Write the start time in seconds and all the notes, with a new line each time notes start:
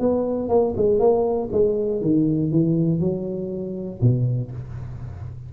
0.00 B3
0.49 A#3
0.77 G#3
1.00 A#3
1.52 G#3
2.01 D#3
2.52 E3
3.00 F#3
4.01 B2